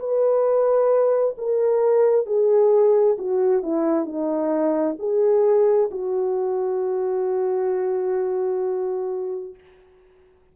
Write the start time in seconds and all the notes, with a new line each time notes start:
0.00 B4
1.38 A#4
2.26 G#4
3.19 F#4
3.63 E4
4.06 D#4
5.00 G#4
5.91 F#4